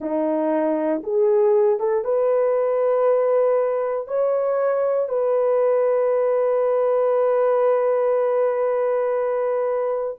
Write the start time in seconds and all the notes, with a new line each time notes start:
0.00 D#4
1.03 G#4
1.79 A4
2.04 B4
4.07 C#5
5.08 B4